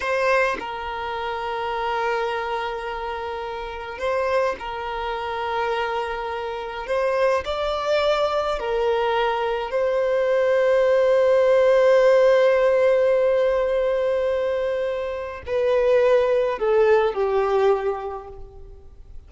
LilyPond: \new Staff \with { instrumentName = "violin" } { \time 4/4 \tempo 4 = 105 c''4 ais'2.~ | ais'2. c''4 | ais'1 | c''4 d''2 ais'4~ |
ais'4 c''2.~ | c''1~ | c''2. b'4~ | b'4 a'4 g'2 | }